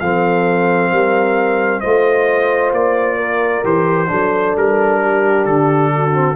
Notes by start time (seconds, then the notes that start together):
0.00 F3 C4 A4 F5
0.91 G3 A#4
1.80 A3 F4 C5 D#5
2.72 A#3 D5
3.16 A#4
3.64 E3 G4 C5
4.07 F#3 D4 A4
4.56 G3 A#4
5.02 G4
5.45 D3 A4
5.95 F#4
6.12 C4